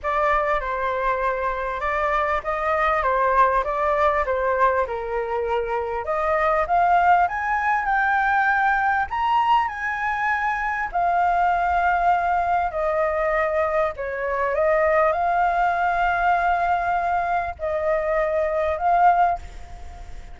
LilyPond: \new Staff \with { instrumentName = "flute" } { \time 4/4 \tempo 4 = 99 d''4 c''2 d''4 | dis''4 c''4 d''4 c''4 | ais'2 dis''4 f''4 | gis''4 g''2 ais''4 |
gis''2 f''2~ | f''4 dis''2 cis''4 | dis''4 f''2.~ | f''4 dis''2 f''4 | }